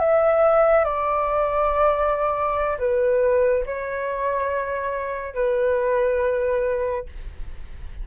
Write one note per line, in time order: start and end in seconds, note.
0.00 0.85 E5
0.85 2.78 D5
2.79 3.65 B4
3.66 5.35 C#5
5.35 7.06 B4